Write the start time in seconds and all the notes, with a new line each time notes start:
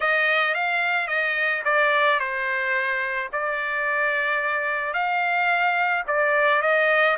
0.00 D#5
0.54 F5
1.07 D#5
1.64 D5
2.19 C5
3.32 D5
4.93 F5
6.07 D5
6.62 D#5